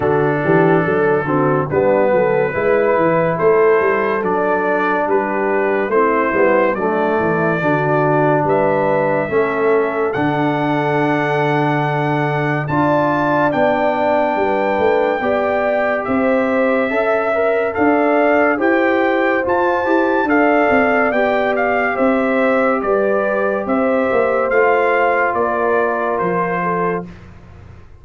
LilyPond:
<<
  \new Staff \with { instrumentName = "trumpet" } { \time 4/4 \tempo 4 = 71 a'2 b'2 | c''4 d''4 b'4 c''4 | d''2 e''2 | fis''2. a''4 |
g''2. e''4~ | e''4 f''4 g''4 a''4 | f''4 g''8 f''8 e''4 d''4 | e''4 f''4 d''4 c''4 | }
  \new Staff \with { instrumentName = "horn" } { \time 4/4 fis'8 g'8 a'8 fis'8 d'8 a'8 b'4 | a'2 g'4 e'4 | d'8 e'8 fis'4 b'4 a'4~ | a'2. d''4~ |
d''4 b'4 d''4 c''4 | e''4 d''4 c''2 | d''2 c''4 b'4 | c''2 ais'4. a'8 | }
  \new Staff \with { instrumentName = "trombone" } { \time 4/4 d'4. c'8 b4 e'4~ | e'4 d'2 c'8 b8 | a4 d'2 cis'4 | d'2. f'4 |
d'2 g'2 | a'8 ais'8 a'4 g'4 f'8 g'8 | a'4 g'2.~ | g'4 f'2. | }
  \new Staff \with { instrumentName = "tuba" } { \time 4/4 d8 e8 fis8 d8 g8 fis8 gis8 e8 | a8 g8 fis4 g4 a8 g8 | fis8 e8 d4 g4 a4 | d2. d'4 |
b4 g8 a8 b4 c'4 | cis'4 d'4 e'4 f'8 e'8 | d'8 c'8 b4 c'4 g4 | c'8 ais8 a4 ais4 f4 | }
>>